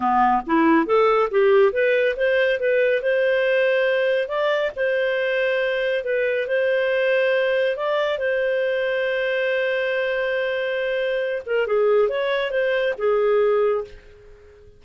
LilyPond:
\new Staff \with { instrumentName = "clarinet" } { \time 4/4 \tempo 4 = 139 b4 e'4 a'4 g'4 | b'4 c''4 b'4 c''4~ | c''2 d''4 c''4~ | c''2 b'4 c''4~ |
c''2 d''4 c''4~ | c''1~ | c''2~ c''8 ais'8 gis'4 | cis''4 c''4 gis'2 | }